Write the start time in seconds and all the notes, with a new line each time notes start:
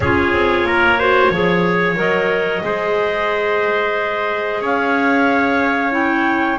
0.00 C#4 F4 G#4 C#5
0.32 C4
0.63 A#3 A#4
0.99 F#4 C5
1.30 F3 G#4 C#5
1.95 F#3 A#4 D#5
2.63 G#3 G#4 C5
4.60 C#4 C#5 F5
5.91 E4 G5